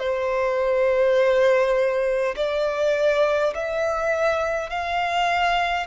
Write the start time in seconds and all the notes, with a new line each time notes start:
0.00 C5
2.36 D5
3.55 E5
4.70 F5